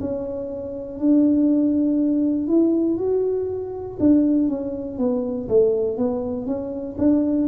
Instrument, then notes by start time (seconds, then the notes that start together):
tuba
0.00 C#4
0.99 D4
2.48 E4
2.98 F#4
4.00 D4
4.49 C#4
4.98 B3
5.49 A3
5.97 B3
6.47 C#4
6.99 D4